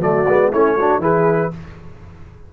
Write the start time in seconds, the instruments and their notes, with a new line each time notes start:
0.00 tuba F#3, trombone A3, horn F#4, trumpet D5
0.28 tuba G#3, trombone B3
0.51 tuba A3, trombone C#4, horn E4, trumpet C#5
0.77 trombone D4, horn F#4
0.98 tuba E3, trombone E4, horn G#4, trumpet B4